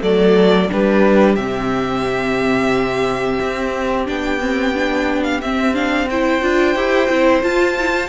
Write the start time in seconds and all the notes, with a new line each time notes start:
0.00 F#3 A3 A4 D5
0.69 G3 D4 G4 B4
1.35 C3 C4 E5
3.40 C4
4.05 B3 D4 G5
4.40 C4
4.74 D4
5.23 F5
5.41 C4 E5
5.74 D4 F5
6.10 E4 C5 G5
6.42 D4 F4
6.75 E4 G4
7.09 C4 E4
7.42 F4 A5
7.79 E4
7.91 F4